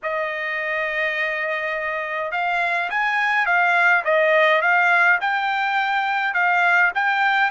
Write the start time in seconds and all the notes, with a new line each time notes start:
0.03 D#5
2.31 F5
2.90 G#5
3.45 F5
4.04 D#5
4.61 F5
5.21 G5
6.34 F5
6.94 G5